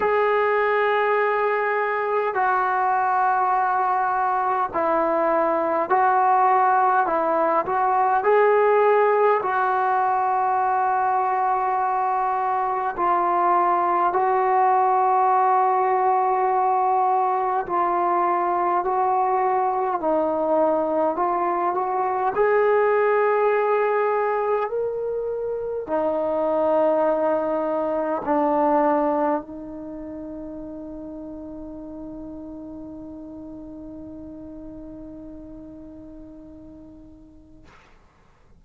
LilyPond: \new Staff \with { instrumentName = "trombone" } { \time 4/4 \tempo 4 = 51 gis'2 fis'2 | e'4 fis'4 e'8 fis'8 gis'4 | fis'2. f'4 | fis'2. f'4 |
fis'4 dis'4 f'8 fis'8 gis'4~ | gis'4 ais'4 dis'2 | d'4 dis'2.~ | dis'1 | }